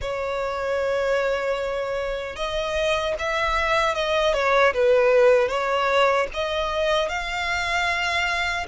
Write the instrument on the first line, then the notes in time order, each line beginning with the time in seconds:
violin
0.01 C#5
2.35 D#5
3.18 E5
3.94 D#5
4.33 C#5
4.73 B4
5.48 C#5
6.33 D#5
7.08 F5